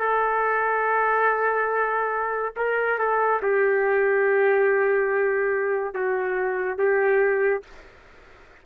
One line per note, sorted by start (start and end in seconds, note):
0.00 2.54 A4
2.57 2.99 A#4
2.99 3.41 A4
3.43 5.95 G4
5.95 6.78 F#4
6.78 7.63 G4